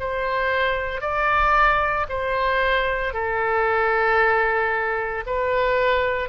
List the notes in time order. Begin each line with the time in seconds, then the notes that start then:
0.00 C5
1.01 D5
2.09 C5
3.14 A4
5.26 B4